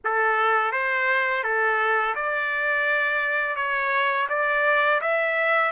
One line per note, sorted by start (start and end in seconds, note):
0.04 0.71 A4
0.71 1.43 C5
1.43 2.14 A4
2.15 3.56 D5
3.56 4.27 C#5
4.29 5.00 D5
5.01 5.71 E5